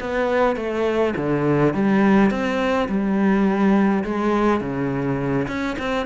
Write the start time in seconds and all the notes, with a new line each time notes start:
0.00 B3
0.56 A3
1.16 D3
1.74 G3
2.30 C4
2.88 G3
4.04 G#3
4.60 C#3
5.48 C#4
5.78 C4